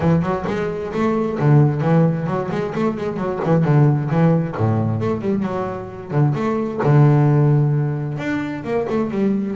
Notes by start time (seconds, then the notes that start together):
0.00 E3
0.22 F#3
0.47 G#3
0.93 A3
1.39 D3
1.81 E3
2.26 F#3
2.51 G#3
2.75 A3
2.97 G#3
3.16 F#3
3.44 E3
3.64 D3
4.10 E3
4.57 A2
5.00 A3
5.21 G3
5.42 F#3
6.11 D3
6.35 A3
6.83 D3
8.18 D4
8.64 A#3
8.89 A3
9.11 G3